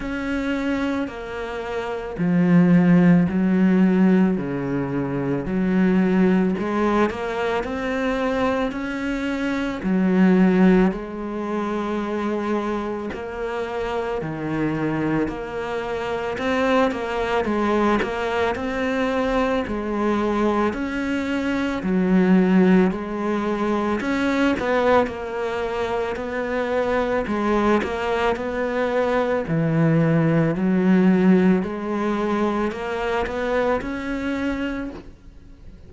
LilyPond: \new Staff \with { instrumentName = "cello" } { \time 4/4 \tempo 4 = 55 cis'4 ais4 f4 fis4 | cis4 fis4 gis8 ais8 c'4 | cis'4 fis4 gis2 | ais4 dis4 ais4 c'8 ais8 |
gis8 ais8 c'4 gis4 cis'4 | fis4 gis4 cis'8 b8 ais4 | b4 gis8 ais8 b4 e4 | fis4 gis4 ais8 b8 cis'4 | }